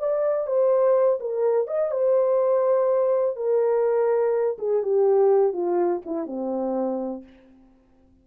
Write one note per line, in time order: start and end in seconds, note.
0.00 0.47 D5
0.47 1.20 C5
1.21 1.67 A#4
1.67 1.92 D#5
1.92 3.37 C5
3.37 4.57 A#4
4.59 4.83 G#4
4.83 5.53 G4
5.53 6.02 F4
6.06 6.27 E4
6.27 7.23 C4